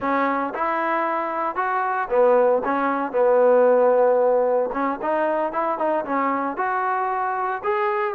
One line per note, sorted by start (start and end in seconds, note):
0.00 0.53 C#4
0.54 1.55 E4
1.55 2.08 F#4
2.09 2.62 B3
2.64 3.12 C#4
3.12 4.70 B3
4.72 4.99 C#4
5.01 5.52 D#4
5.52 5.78 E4
5.78 6.05 D#4
6.05 6.56 C#4
6.56 7.62 F#4
7.63 8.14 G#4